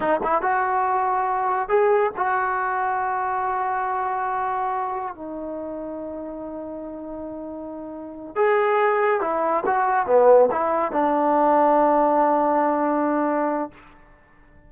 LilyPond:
\new Staff \with { instrumentName = "trombone" } { \time 4/4 \tempo 4 = 140 dis'8 e'8 fis'2. | gis'4 fis'2.~ | fis'1 | dis'1~ |
dis'2.~ dis'8 gis'8~ | gis'4. e'4 fis'4 b8~ | b8 e'4 d'2~ d'8~ | d'1 | }